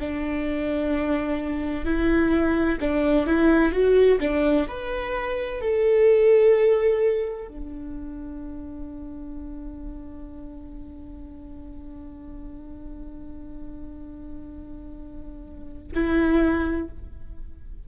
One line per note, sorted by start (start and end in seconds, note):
0.00 1.85 D4
1.85 2.79 E4
2.80 3.26 D4
3.26 3.72 E4
3.72 4.19 F#4
4.20 4.67 D4
4.67 5.61 B4
5.61 7.48 A4
7.48 15.92 D4
15.94 16.88 E4